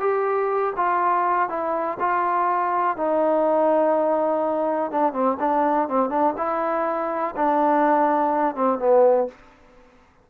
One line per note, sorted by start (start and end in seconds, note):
0.00 0.73 G4
0.76 1.49 F4
1.49 1.98 E4
2.00 2.97 F4
2.97 4.91 D#4
4.91 5.13 D4
5.13 5.37 C4
5.39 5.88 D4
5.88 6.10 C4
6.10 6.34 D4
6.37 7.35 E4
7.36 8.55 D4
8.55 8.78 C4
8.78 9.27 B3